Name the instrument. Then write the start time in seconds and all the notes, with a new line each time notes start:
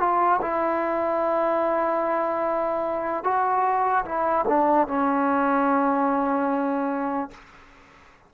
trombone
0.00 F4
0.42 E4
3.24 F#4
4.05 E4
4.49 D4
4.88 C#4